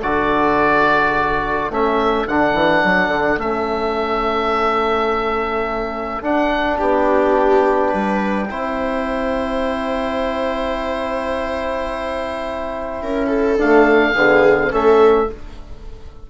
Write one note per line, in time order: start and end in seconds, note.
0.00 1.70 D3
0.00 1.72 F#4
0.00 6.78 A4
0.00 1.72 D5
1.70 2.27 A3
1.70 2.29 C#4
1.70 2.28 E5
2.28 2.54 D3
2.28 3.40 D4
2.28 3.40 F#5
2.54 2.82 E3
2.84 3.08 F#3
3.08 3.36 D3
3.38 6.21 A3
3.38 6.22 C#4
3.38 6.23 E5
6.22 8.48 D4
6.22 6.80 D4
6.22 6.79 F#5
6.78 7.93 B3
6.78 7.89 G4
6.78 13.58 G5
7.89 8.50 G3
7.89 8.46 B4
8.49 13.02 C4
8.49 13.58 E4
8.49 13.03 C5
13.02 13.58 C#4
13.02 13.27 A#4
13.27 14.12 A4
13.58 14.15 A3
13.58 14.14 D4
13.58 14.73 F5
14.14 14.71 D3
14.14 14.71 B3
14.14 14.71 G#4
14.71 15.29 A3
14.71 15.27 C#4
14.71 15.28 A4
14.71 15.30 E5